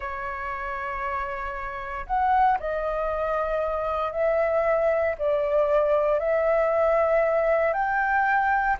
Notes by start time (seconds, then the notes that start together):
0.00 C#5
2.06 F#5
2.59 D#5
4.11 E5
5.18 D5
6.19 E5
7.73 G5